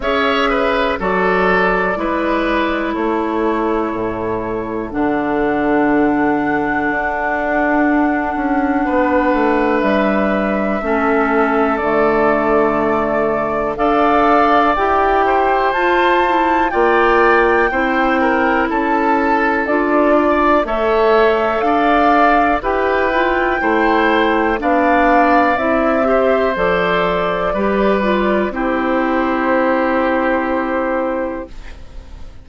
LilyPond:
<<
  \new Staff \with { instrumentName = "flute" } { \time 4/4 \tempo 4 = 61 e''4 d''2 cis''4~ | cis''4 fis''2.~ | fis''2 e''2 | d''2 f''4 g''4 |
a''4 g''2 a''4 | d''4 e''4 f''4 g''4~ | g''4 f''4 e''4 d''4~ | d''4 c''2. | }
  \new Staff \with { instrumentName = "oboe" } { \time 4/4 cis''8 b'8 a'4 b'4 a'4~ | a'1~ | a'4 b'2 a'4~ | a'2 d''4. c''8~ |
c''4 d''4 c''8 ais'8 a'4~ | a'8 d''8 cis''4 d''4 b'4 | c''4 d''4. c''4. | b'4 g'2. | }
  \new Staff \with { instrumentName = "clarinet" } { \time 4/4 gis'4 fis'4 e'2~ | e'4 d'2.~ | d'2. cis'4 | a2 a'4 g'4 |
f'8 e'8 f'4 e'2 | f'4 a'2 g'8 f'8 | e'4 d'4 e'8 g'8 a'4 | g'8 f'8 e'2. | }
  \new Staff \with { instrumentName = "bassoon" } { \time 4/4 cis'4 fis4 gis4 a4 | a,4 d2 d'4~ | d'8 cis'8 b8 a8 g4 a4 | d2 d'4 e'4 |
f'4 ais4 c'4 cis'4 | d'4 a4 d'4 e'4 | a4 b4 c'4 f4 | g4 c'2. | }
>>